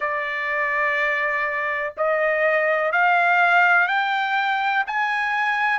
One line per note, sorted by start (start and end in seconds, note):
0.00 1.94 D5
1.97 2.92 D#5
2.92 3.87 F5
3.87 4.84 G5
4.86 5.78 G#5